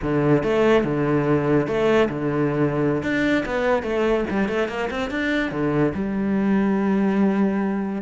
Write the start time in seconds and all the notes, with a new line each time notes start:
0.02 D3
0.43 A3
0.84 D3
1.67 A3
2.09 D3
3.02 D4
3.45 B3
3.82 A3
4.30 G3
4.48 A3
4.68 A#3
4.90 C4
5.10 D4
5.51 D3
5.94 G3